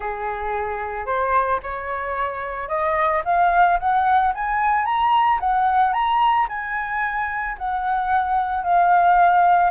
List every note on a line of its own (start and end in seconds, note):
0.00 1.06 G#4
1.06 1.60 C5
1.62 2.68 C#5
2.68 3.22 D#5
3.25 3.79 F5
3.79 4.33 F#5
4.34 4.85 G#5
4.85 5.39 A#5
5.40 5.93 F#5
5.93 6.47 A#5
6.49 7.57 G#5
7.57 8.63 F#5
8.63 9.70 F5